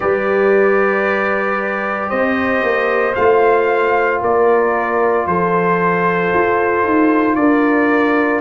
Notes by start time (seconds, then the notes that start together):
0.00 G3 G4 B4 D5
2.09 C4 C5 D#5
2.62 A#3
3.15 A3 F4 F5
4.21 A#3 A#4 D5
5.27 F3 A4 C5
6.33 F4
6.83 D#4
7.35 D4 A#4 D5